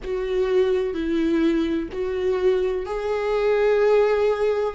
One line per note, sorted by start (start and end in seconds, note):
0.03 0.94 F#4
0.94 1.89 E4
1.91 2.85 F#4
2.85 4.74 G#4